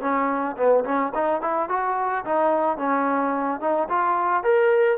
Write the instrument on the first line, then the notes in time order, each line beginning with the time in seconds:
trombone
0.00 C#4
0.56 B3
0.84 C#4
1.14 D#4
1.41 E4
1.68 F#4
2.25 D#4
2.77 C#4
3.60 D#4
3.88 F4
4.43 A#4